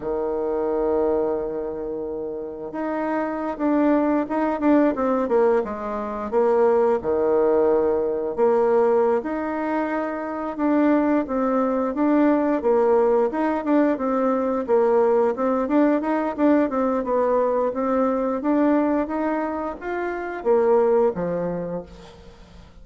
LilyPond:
\new Staff \with { instrumentName = "bassoon" } { \time 4/4 \tempo 4 = 88 dis1 | dis'4~ dis'16 d'4 dis'8 d'8 c'8 ais16~ | ais16 gis4 ais4 dis4.~ dis16~ | dis16 ais4~ ais16 dis'2 d'8~ |
d'8 c'4 d'4 ais4 dis'8 | d'8 c'4 ais4 c'8 d'8 dis'8 | d'8 c'8 b4 c'4 d'4 | dis'4 f'4 ais4 f4 | }